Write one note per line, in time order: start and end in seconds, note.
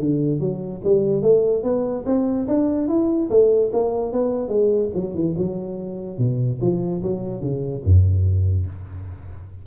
0.00 0.41 D3
0.41 0.82 F#3
0.84 1.22 G3
1.22 1.63 A3
1.64 2.05 B3
2.06 2.47 C4
2.48 2.89 D4
2.89 3.30 E4
3.30 3.72 A3
3.73 4.13 A#3
4.13 4.49 B3
4.49 4.90 G#3
4.95 5.15 F#3
5.15 5.35 E3
5.38 6.19 F#3
6.19 6.60 B2
6.62 7.03 F3
7.03 7.41 F#3
7.41 7.83 C#3
7.85 8.67 F#2